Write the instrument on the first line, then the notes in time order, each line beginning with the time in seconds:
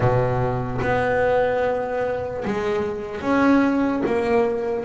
double bass
0.00 B2
0.81 B3
2.45 G#3
3.21 C#4
4.06 A#3